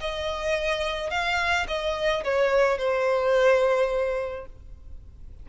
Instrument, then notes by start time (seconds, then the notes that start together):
violin
0.00 D#5
1.10 F5
1.67 D#5
2.24 C#5
2.77 C5